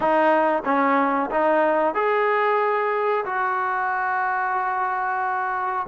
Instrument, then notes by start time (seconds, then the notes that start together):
trombone
0.00 D#4
0.65 C#4
1.30 D#4
1.94 G#4
3.25 F#4